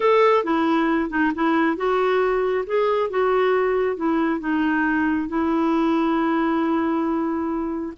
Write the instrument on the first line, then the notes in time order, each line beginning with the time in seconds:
clarinet
0.00 A4
0.44 E4
1.10 D#4
1.34 E4
1.76 F#4
2.66 G#4
3.10 F#4
3.96 E4
4.40 D#4
5.28 E4